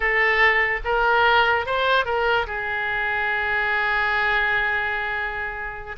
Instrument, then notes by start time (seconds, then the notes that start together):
oboe
0.00 A4
0.84 A#4
1.66 C5
2.05 A#4
2.46 G#4